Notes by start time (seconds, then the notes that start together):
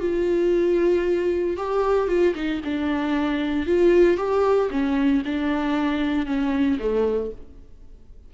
0.00 F4
1.57 G4
2.08 F4
2.35 D#4
2.64 D4
3.66 F4
4.17 G4
4.70 C#4
5.25 D4
6.26 C#4
6.79 A3